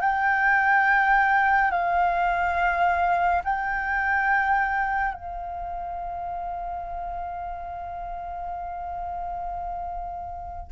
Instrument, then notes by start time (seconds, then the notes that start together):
flute
0.00 G5
1.70 F5
3.44 G5
5.13 F5